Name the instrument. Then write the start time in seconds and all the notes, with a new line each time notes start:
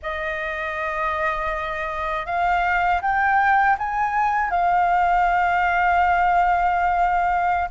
flute
0.02 D#5
2.26 F5
3.01 G5
3.78 G#5
4.50 F5